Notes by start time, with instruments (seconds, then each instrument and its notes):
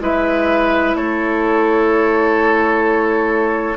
0.00 bassoon G#3, clarinet E4, oboe B4, flute E5
0.95 bassoon A3, oboe A4, flute C#5